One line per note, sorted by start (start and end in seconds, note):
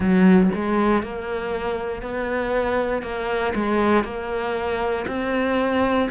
0.00 0.50 F#3
0.54 1.03 G#3
1.03 2.02 A#3
2.02 3.02 B3
3.02 3.53 A#3
3.54 4.04 G#3
4.04 5.05 A#3
5.07 6.08 C4